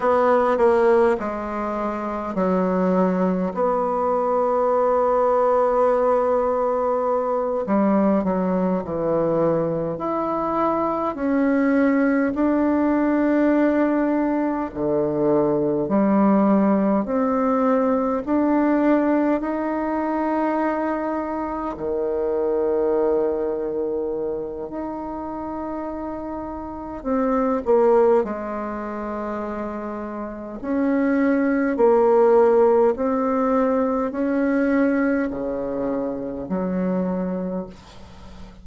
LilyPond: \new Staff \with { instrumentName = "bassoon" } { \time 4/4 \tempo 4 = 51 b8 ais8 gis4 fis4 b4~ | b2~ b8 g8 fis8 e8~ | e8 e'4 cis'4 d'4.~ | d'8 d4 g4 c'4 d'8~ |
d'8 dis'2 dis4.~ | dis4 dis'2 c'8 ais8 | gis2 cis'4 ais4 | c'4 cis'4 cis4 fis4 | }